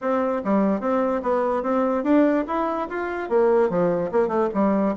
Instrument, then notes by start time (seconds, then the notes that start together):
bassoon
0.01 C4
0.44 G3
0.80 C4
1.22 B3
1.63 C4
2.03 D4
2.47 E4
2.89 F4
3.29 A#3
3.69 F3
4.11 A#3
4.28 A3
4.54 G3